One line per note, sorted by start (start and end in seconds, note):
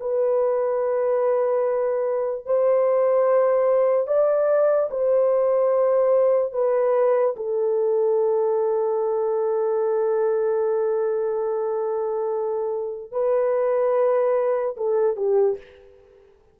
0.00 2.46 B4
2.46 4.08 C5
4.08 4.90 D5
4.91 6.53 C5
6.53 7.35 B4
7.36 13.12 A4
13.12 14.76 B4
14.77 15.16 A4
15.16 15.58 G4